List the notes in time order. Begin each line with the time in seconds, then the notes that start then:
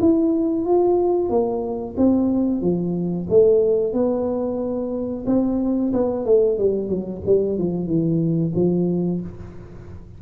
0.00 E4
0.65 F4
1.29 A#3
1.97 C4
2.61 F3
3.29 A3
3.93 B3
5.26 C4
5.93 B3
6.25 A3
6.58 G3
6.89 F#3
7.26 G3
7.58 F3
7.86 E3
8.55 F3